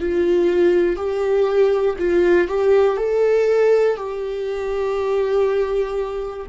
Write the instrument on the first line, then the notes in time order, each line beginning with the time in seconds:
viola
0.00 F4
0.96 G4
1.99 F4
2.48 G4
2.97 A4
3.97 G4